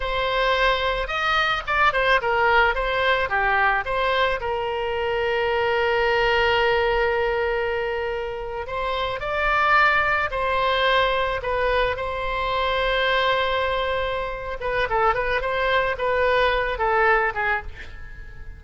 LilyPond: \new Staff \with { instrumentName = "oboe" } { \time 4/4 \tempo 4 = 109 c''2 dis''4 d''8 c''8 | ais'4 c''4 g'4 c''4 | ais'1~ | ais'2.~ ais'8. c''16~ |
c''8. d''2 c''4~ c''16~ | c''8. b'4 c''2~ c''16~ | c''2~ c''8 b'8 a'8 b'8 | c''4 b'4. a'4 gis'8 | }